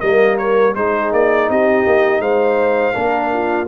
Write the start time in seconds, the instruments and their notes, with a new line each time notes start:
0.00 tuba G3, trombone A#3, horn A#4, trumpet D#5
0.38 trumpet C#5
0.75 tuba G#3, trombone D#4, horn G#4, trumpet C5
1.12 tuba A#3, trumpet D5
1.50 tuba C4, horn G4, trumpet D#5
1.86 tuba A#3
2.20 tuba G#3, horn C5, trumpet F5
2.93 tuba A#3, trombone D4, horn A#4
3.33 horn F4